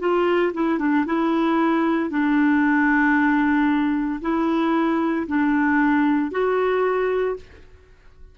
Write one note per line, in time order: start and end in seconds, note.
0.00 0.53 F4
0.54 0.79 E4
0.79 1.05 D4
1.06 2.10 E4
2.10 4.21 D4
4.21 5.26 E4
5.27 6.32 D4
6.32 7.37 F#4